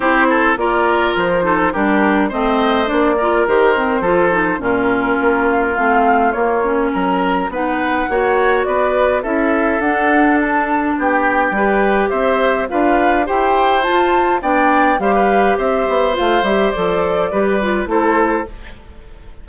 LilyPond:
<<
  \new Staff \with { instrumentName = "flute" } { \time 4/4 \tempo 4 = 104 c''4 d''4 c''4 ais'4 | dis''4 d''4 c''2 | ais'4. f''16 ais'16 f''4 cis''4 | ais''4 fis''2 d''4 |
e''4 fis''4 a''4 g''4~ | g''4 e''4 f''4 g''4 | a''4 g''4 f''4 e''4 | f''8 e''8 d''2 c''4 | }
  \new Staff \with { instrumentName = "oboe" } { \time 4/4 g'8 a'8 ais'4. a'8 g'4 | c''4. ais'4. a'4 | f'1 | ais'4 b'4 cis''4 b'4 |
a'2. g'4 | b'4 c''4 b'4 c''4~ | c''4 d''4 c''16 b'8. c''4~ | c''2 b'4 a'4 | }
  \new Staff \with { instrumentName = "clarinet" } { \time 4/4 e'4 f'4. dis'8 d'4 | c'4 d'8 f'8 g'8 c'8 f'8 dis'8 | cis'2 c'4 ais8 cis'8~ | cis'4 dis'4 fis'2 |
e'4 d'2. | g'2 f'4 g'4 | f'4 d'4 g'2 | f'8 g'8 a'4 g'8 f'8 e'4 | }
  \new Staff \with { instrumentName = "bassoon" } { \time 4/4 c'4 ais4 f4 g4 | a4 ais4 dis4 f4 | ais,4 ais4 a4 ais4 | fis4 b4 ais4 b4 |
cis'4 d'2 b4 | g4 c'4 d'4 e'4 | f'4 b4 g4 c'8 b8 | a8 g8 f4 g4 a4 | }
>>